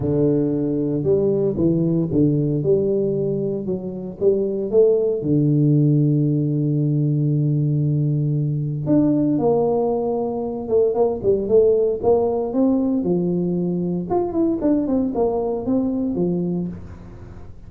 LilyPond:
\new Staff \with { instrumentName = "tuba" } { \time 4/4 \tempo 4 = 115 d2 g4 e4 | d4 g2 fis4 | g4 a4 d2~ | d1~ |
d4 d'4 ais2~ | ais8 a8 ais8 g8 a4 ais4 | c'4 f2 f'8 e'8 | d'8 c'8 ais4 c'4 f4 | }